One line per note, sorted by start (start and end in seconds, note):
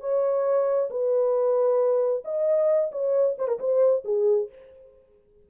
0.00 0.89 C#5
0.90 2.23 B4
2.24 2.91 D#5
2.92 3.36 C#5
3.38 3.47 C5
3.47 3.59 A#4
3.59 4.04 C5
4.04 4.49 G#4